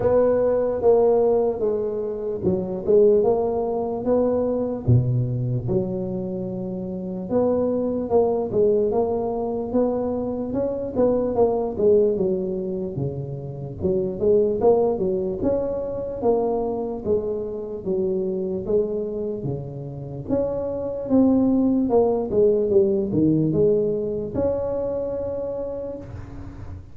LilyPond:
\new Staff \with { instrumentName = "tuba" } { \time 4/4 \tempo 4 = 74 b4 ais4 gis4 fis8 gis8 | ais4 b4 b,4 fis4~ | fis4 b4 ais8 gis8 ais4 | b4 cis'8 b8 ais8 gis8 fis4 |
cis4 fis8 gis8 ais8 fis8 cis'4 | ais4 gis4 fis4 gis4 | cis4 cis'4 c'4 ais8 gis8 | g8 dis8 gis4 cis'2 | }